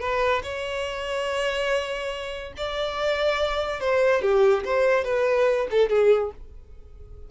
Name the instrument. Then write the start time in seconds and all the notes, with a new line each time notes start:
violin
0.00 B4
0.43 C#5
2.57 D5
3.80 C5
4.22 G4
4.64 C5
5.04 B4
5.70 A4
5.89 G#4